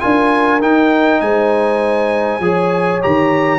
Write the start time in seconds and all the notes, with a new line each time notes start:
0.00 D4 F4 A#4 G#5
0.60 D#4 G5
1.21 G#3 C5 G#5
2.40 F3 G#4 C#5
3.01 D#3 G4 A#5